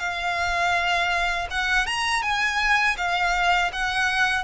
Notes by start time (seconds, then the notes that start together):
0.00 F5
1.51 F#5
1.87 A#5
2.23 G#5
2.98 F5
3.73 F#5